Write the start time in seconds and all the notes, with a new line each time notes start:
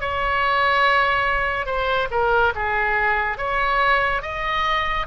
0.00 C#5
1.66 C5
2.10 A#4
2.55 G#4
3.37 C#5
4.22 D#5